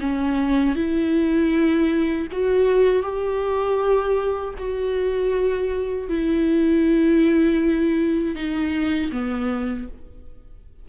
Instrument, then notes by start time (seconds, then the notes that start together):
viola
0.00 C#4
0.75 E4
2.31 F#4
3.02 G4
4.58 F#4
6.08 E4
8.35 D#4
9.11 B3